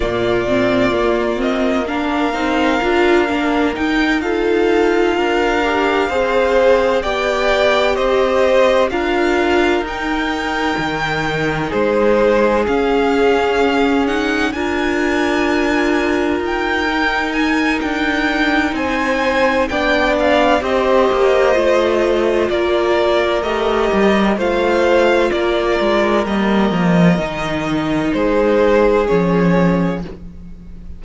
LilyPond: <<
  \new Staff \with { instrumentName = "violin" } { \time 4/4 \tempo 4 = 64 d''4. dis''8 f''2 | g''8 f''2. g''8~ | g''8 dis''4 f''4 g''4.~ | g''8 c''4 f''4. fis''8 gis''8~ |
gis''4. g''4 gis''8 g''4 | gis''4 g''8 f''8 dis''2 | d''4 dis''4 f''4 d''4 | dis''2 c''4 cis''4 | }
  \new Staff \with { instrumentName = "violin" } { \time 4/4 f'2 ais'2~ | ais'8 a'4 ais'4 c''4 d''8~ | d''8 c''4 ais'2~ ais'8~ | ais'8 gis'2. ais'8~ |
ais'1 | c''4 d''4 c''2 | ais'2 c''4 ais'4~ | ais'2 gis'2 | }
  \new Staff \with { instrumentName = "viola" } { \time 4/4 ais8 c'8 ais8 c'8 d'8 dis'8 f'8 d'8 | dis'8 f'4. g'8 gis'4 g'8~ | g'4. f'4 dis'4.~ | dis'4. cis'4. dis'8 f'8~ |
f'2 dis'2~ | dis'4 d'4 g'4 f'4~ | f'4 g'4 f'2 | ais4 dis'2 cis'4 | }
  \new Staff \with { instrumentName = "cello" } { \time 4/4 ais,4 ais4. c'8 d'8 ais8 | dis'4. d'4 c'4 b8~ | b8 c'4 d'4 dis'4 dis8~ | dis8 gis4 cis'2 d'8~ |
d'4. dis'4. d'4 | c'4 b4 c'8 ais8 a4 | ais4 a8 g8 a4 ais8 gis8 | g8 f8 dis4 gis4 f4 | }
>>